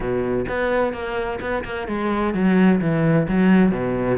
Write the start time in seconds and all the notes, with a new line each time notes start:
0.00 B2
0.48 B3
0.93 A#3
1.40 B3
1.64 A#3
1.87 G#3
2.34 F#3
2.80 E3
3.28 F#3
3.71 B2